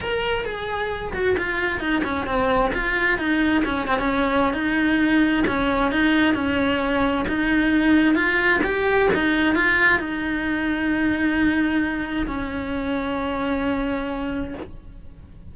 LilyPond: \new Staff \with { instrumentName = "cello" } { \time 4/4 \tempo 4 = 132 ais'4 gis'4. fis'8 f'4 | dis'8 cis'8 c'4 f'4 dis'4 | cis'8 c'16 cis'4~ cis'16 dis'2 | cis'4 dis'4 cis'2 |
dis'2 f'4 g'4 | dis'4 f'4 dis'2~ | dis'2. cis'4~ | cis'1 | }